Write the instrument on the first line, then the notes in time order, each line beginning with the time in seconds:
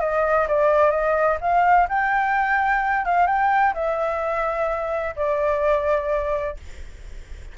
flute
0.00 D#5
0.48 D5
0.91 D#5
1.41 F5
1.89 G5
3.05 F5
3.26 G5
3.74 E5
5.16 D5